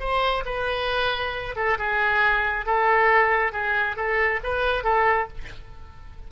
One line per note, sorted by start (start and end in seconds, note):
0.00 0.44 C5
0.46 1.55 B4
1.56 1.78 A4
1.78 2.66 G#4
2.66 3.52 A4
3.52 3.96 G#4
3.96 4.40 A4
4.44 4.84 B4
4.84 5.28 A4